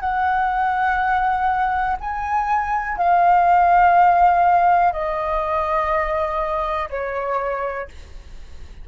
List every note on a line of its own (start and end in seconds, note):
0.00 1.97 F#5
2.00 2.98 G#5
2.98 4.92 F5
4.92 6.89 D#5
6.90 7.88 C#5